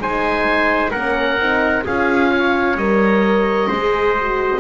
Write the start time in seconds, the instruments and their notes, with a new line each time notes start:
0.00 double bass G#3, horn D#4, trumpet C5, oboe G#5
0.92 double bass A#3, horn C#4, trumpet A#4, oboe F#5
1.39 double bass C4, horn D#4
1.85 double bass C#4, horn F4, trumpet G#4, oboe F5
2.32 trumpet C#5
2.76 double bass G3, horn A#4, oboe D#5
3.68 double bass G#3, horn G#4, trumpet C5
4.18 horn F#4